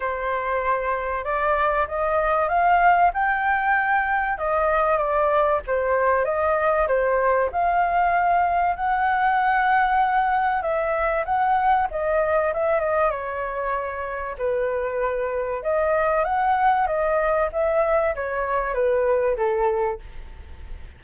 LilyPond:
\new Staff \with { instrumentName = "flute" } { \time 4/4 \tempo 4 = 96 c''2 d''4 dis''4 | f''4 g''2 dis''4 | d''4 c''4 dis''4 c''4 | f''2 fis''2~ |
fis''4 e''4 fis''4 dis''4 | e''8 dis''8 cis''2 b'4~ | b'4 dis''4 fis''4 dis''4 | e''4 cis''4 b'4 a'4 | }